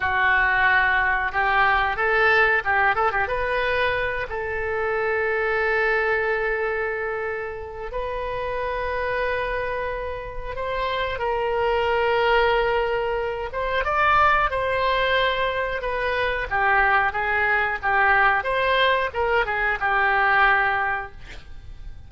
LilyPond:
\new Staff \with { instrumentName = "oboe" } { \time 4/4 \tempo 4 = 91 fis'2 g'4 a'4 | g'8 a'16 g'16 b'4. a'4.~ | a'1 | b'1 |
c''4 ais'2.~ | ais'8 c''8 d''4 c''2 | b'4 g'4 gis'4 g'4 | c''4 ais'8 gis'8 g'2 | }